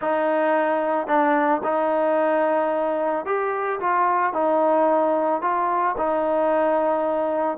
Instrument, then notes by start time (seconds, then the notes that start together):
trombone
0.01 D#4
1.07 D4
1.63 D#4
3.25 G4
3.80 F4
4.33 D#4
5.41 F4
5.97 D#4